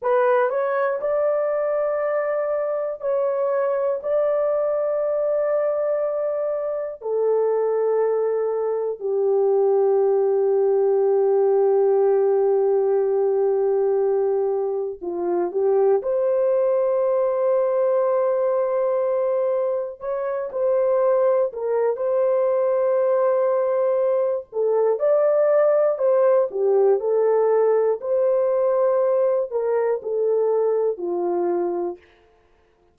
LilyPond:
\new Staff \with { instrumentName = "horn" } { \time 4/4 \tempo 4 = 60 b'8 cis''8 d''2 cis''4 | d''2. a'4~ | a'4 g'2.~ | g'2. f'8 g'8 |
c''1 | cis''8 c''4 ais'8 c''2~ | c''8 a'8 d''4 c''8 g'8 a'4 | c''4. ais'8 a'4 f'4 | }